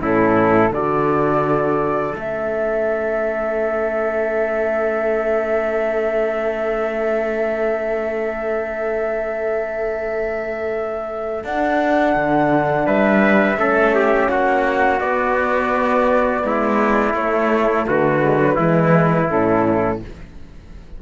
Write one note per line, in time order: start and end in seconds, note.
0.00 0.70 A2
0.00 0.71 C#4
0.00 0.72 E4
0.00 0.73 A4
0.70 2.13 D3
0.70 2.15 F#4
0.70 12.85 A4
0.70 2.16 D5
2.15 11.43 A3
2.15 11.43 C#4
2.15 11.44 E5
11.43 12.15 D4
11.43 13.57 D4
11.43 12.86 F#5
12.15 12.86 D3
12.85 13.57 G3
12.85 13.57 B4
12.85 14.28 E5
13.57 14.28 A3
13.57 15.00 C#4
13.57 13.95 A4
13.95 14.30 G4
14.28 15.00 A#3
14.28 16.44 F#4
14.28 15.00 F#5
15.00 16.43 B3
15.00 17.15 B3
15.00 17.14 D5
16.44 17.14 G#3
16.44 17.87 E4
17.14 17.85 A3
17.14 18.22 A3
17.14 17.86 C#5
17.87 18.57 D3
17.87 18.55 F#4
17.87 19.30 B4
18.22 18.38 G#3
18.38 18.56 F#3
18.55 19.29 E3
18.55 19.29 G#3
18.55 19.98 E4
19.29 20.01 A2
19.29 20.00 C#4
19.29 20.01 A4